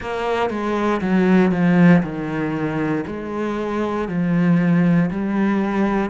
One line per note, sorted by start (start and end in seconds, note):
0.00 0.49 A#3
0.49 1.00 G#3
1.01 1.51 F#3
1.51 2.02 F3
2.02 3.04 D#3
3.06 4.08 G#3
4.08 5.10 F3
5.11 6.10 G3